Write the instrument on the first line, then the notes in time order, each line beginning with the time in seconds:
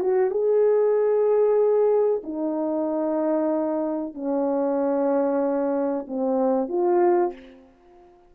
horn
0.00 F#4
0.30 G#4
2.23 D#4
4.14 C#4
6.08 C4
6.69 F4